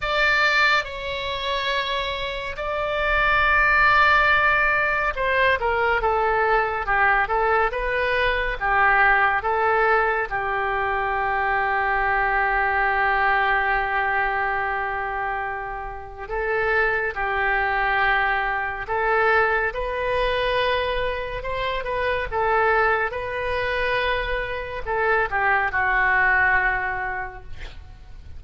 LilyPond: \new Staff \with { instrumentName = "oboe" } { \time 4/4 \tempo 4 = 70 d''4 cis''2 d''4~ | d''2 c''8 ais'8 a'4 | g'8 a'8 b'4 g'4 a'4 | g'1~ |
g'2. a'4 | g'2 a'4 b'4~ | b'4 c''8 b'8 a'4 b'4~ | b'4 a'8 g'8 fis'2 | }